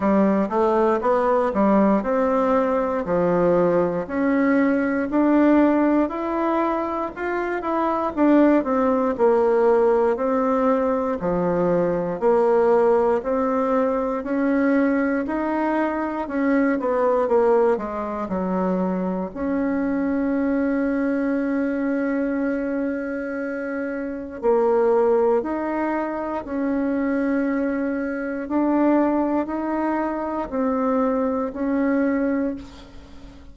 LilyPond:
\new Staff \with { instrumentName = "bassoon" } { \time 4/4 \tempo 4 = 59 g8 a8 b8 g8 c'4 f4 | cis'4 d'4 e'4 f'8 e'8 | d'8 c'8 ais4 c'4 f4 | ais4 c'4 cis'4 dis'4 |
cis'8 b8 ais8 gis8 fis4 cis'4~ | cis'1 | ais4 dis'4 cis'2 | d'4 dis'4 c'4 cis'4 | }